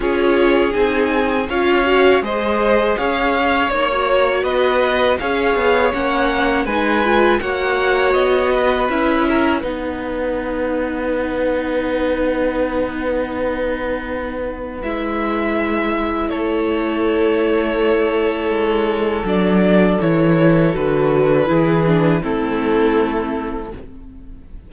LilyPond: <<
  \new Staff \with { instrumentName = "violin" } { \time 4/4 \tempo 4 = 81 cis''4 gis''4 f''4 dis''4 | f''4 cis''4 dis''4 f''4 | fis''4 gis''4 fis''4 dis''4 | e''4 fis''2.~ |
fis''1 | e''2 cis''2~ | cis''2 d''4 cis''4 | b'2 a'2 | }
  \new Staff \with { instrumentName = "violin" } { \time 4/4 gis'2 cis''4 c''4 | cis''2 b'4 cis''4~ | cis''4 b'4 cis''4. b'8~ | b'8 ais'8 b'2.~ |
b'1~ | b'2 a'2~ | a'1~ | a'4 gis'4 e'2 | }
  \new Staff \with { instrumentName = "viola" } { \time 4/4 f'4 dis'4 f'8 fis'8 gis'4~ | gis'4 dis'16 fis'4.~ fis'16 gis'4 | cis'4 dis'8 f'8 fis'2 | e'4 dis'2.~ |
dis'1 | e'1~ | e'2 d'4 e'4 | fis'4 e'8 d'8 c'2 | }
  \new Staff \with { instrumentName = "cello" } { \time 4/4 cis'4 c'4 cis'4 gis4 | cis'4 ais4 b4 cis'8 b8 | ais4 gis4 ais4 b4 | cis'4 b2.~ |
b1 | gis2 a2~ | a4 gis4 fis4 e4 | d4 e4 a2 | }
>>